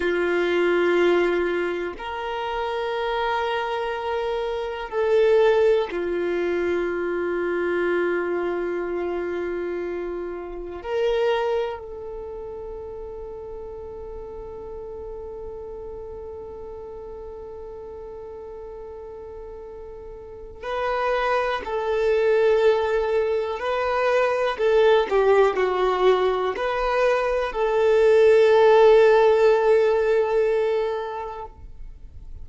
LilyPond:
\new Staff \with { instrumentName = "violin" } { \time 4/4 \tempo 4 = 61 f'2 ais'2~ | ais'4 a'4 f'2~ | f'2. ais'4 | a'1~ |
a'1~ | a'4 b'4 a'2 | b'4 a'8 g'8 fis'4 b'4 | a'1 | }